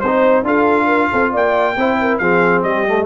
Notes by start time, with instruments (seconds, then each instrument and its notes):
0.00 tuba C4, horn C5, trumpet C5
0.06 trombone D#4
0.43 tuba D4, trombone F4, horn A4, trumpet F5
0.86 horn A#4
1.11 tuba C4, horn A4
1.32 tuba A#3, horn D5, trumpet G5
1.76 tuba C4, trombone E4, horn C5
2.00 horn A#4
2.18 tuba F3, trombone C4, horn G#4, trumpet F5
2.62 tuba G3, horn G4, trumpet D#5
2.87 trombone A3